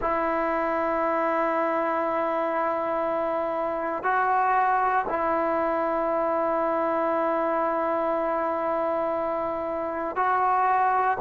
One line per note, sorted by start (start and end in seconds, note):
0.01 4.03 E4
4.03 5.05 F#4
5.09 10.16 E4
10.16 11.17 F#4